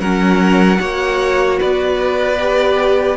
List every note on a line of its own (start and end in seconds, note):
0.00 0.79 F#3
0.00 0.77 C#4
0.00 0.79 A#4
0.00 1.58 F#5
0.77 1.59 A#3
0.77 2.35 F#4
0.77 1.59 C#5
1.59 3.17 B3
1.59 3.17 B4
1.59 3.17 D5
2.39 3.17 G4